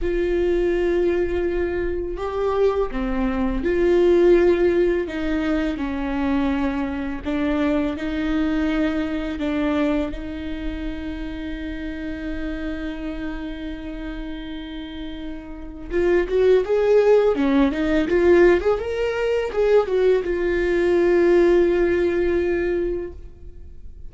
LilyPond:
\new Staff \with { instrumentName = "viola" } { \time 4/4 \tempo 4 = 83 f'2. g'4 | c'4 f'2 dis'4 | cis'2 d'4 dis'4~ | dis'4 d'4 dis'2~ |
dis'1~ | dis'2 f'8 fis'8 gis'4 | cis'8 dis'8 f'8. gis'16 ais'4 gis'8 fis'8 | f'1 | }